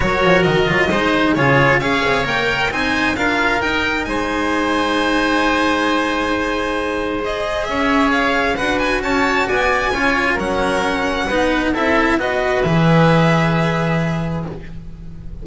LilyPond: <<
  \new Staff \with { instrumentName = "violin" } { \time 4/4 \tempo 4 = 133 cis''4 dis''2 cis''4 | f''4 g''4 gis''4 f''4 | g''4 gis''2.~ | gis''1 |
dis''4 e''4 f''4 fis''8 gis''8 | a''4 gis''2 fis''4~ | fis''2 e''4 dis''4 | e''1 | }
  \new Staff \with { instrumentName = "oboe" } { \time 4/4 ais'2 c''4 gis'4 | cis''2 c''4 ais'4~ | ais'4 c''2.~ | c''1~ |
c''4 cis''2 b'4 | cis''4 d''4 cis''4 ais'4~ | ais'4 b'4 a'4 b'4~ | b'1 | }
  \new Staff \with { instrumentName = "cello" } { \time 4/4 fis'4. f'8 dis'4 f'4 | gis'4 ais'4 dis'4 f'4 | dis'1~ | dis'1 |
gis'2. fis'4~ | fis'2 f'4 cis'4~ | cis'4 dis'4 e'4 fis'4 | gis'1 | }
  \new Staff \with { instrumentName = "double bass" } { \time 4/4 fis8 f8 dis8 fis8 gis4 cis4 | cis'8 c'8 ais4 c'4 d'4 | dis'4 gis2.~ | gis1~ |
gis4 cis'2 d'4 | cis'4 b4 cis'4 fis4~ | fis4 b4 c'4 b4 | e1 | }
>>